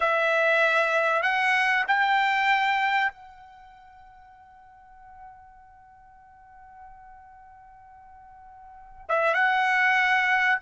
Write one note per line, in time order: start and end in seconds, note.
0.00 1.22 E5
1.22 1.84 F#5
1.87 3.12 G5
3.12 9.05 F#5
9.08 9.34 E5
9.34 10.59 F#5